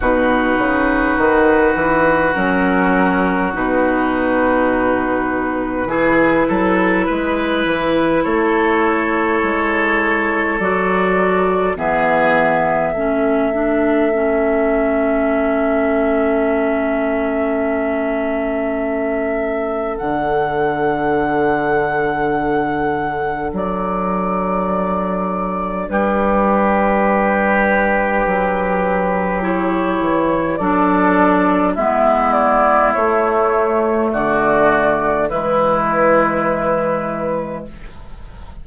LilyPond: <<
  \new Staff \with { instrumentName = "flute" } { \time 4/4 \tempo 4 = 51 b'2 ais'4 b'4~ | b'2. cis''4~ | cis''4 d''4 e''2~ | e''1~ |
e''4 fis''2. | d''2 b'2~ | b'4 cis''4 d''4 e''8 d''8 | cis''4 d''4 b'2 | }
  \new Staff \with { instrumentName = "oboe" } { \time 4/4 fis'1~ | fis'4 gis'8 a'8 b'4 a'4~ | a'2 gis'4 a'4~ | a'1~ |
a'1~ | a'2 g'2~ | g'2 a'4 e'4~ | e'4 fis'4 e'2 | }
  \new Staff \with { instrumentName = "clarinet" } { \time 4/4 dis'2 cis'4 dis'4~ | dis'4 e'2.~ | e'4 fis'4 b4 cis'8 d'8 | cis'1~ |
cis'4 d'2.~ | d'1~ | d'4 e'4 d'4 b4 | a2 gis2 | }
  \new Staff \with { instrumentName = "bassoon" } { \time 4/4 b,8 cis8 dis8 e8 fis4 b,4~ | b,4 e8 fis8 gis8 e8 a4 | gis4 fis4 e4 a4~ | a1~ |
a4 d2. | fis2 g2 | fis4. e8 fis4 gis4 | a4 d4 e2 | }
>>